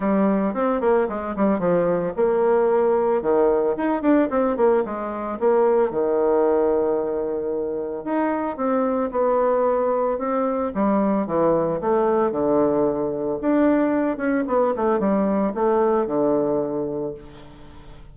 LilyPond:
\new Staff \with { instrumentName = "bassoon" } { \time 4/4 \tempo 4 = 112 g4 c'8 ais8 gis8 g8 f4 | ais2 dis4 dis'8 d'8 | c'8 ais8 gis4 ais4 dis4~ | dis2. dis'4 |
c'4 b2 c'4 | g4 e4 a4 d4~ | d4 d'4. cis'8 b8 a8 | g4 a4 d2 | }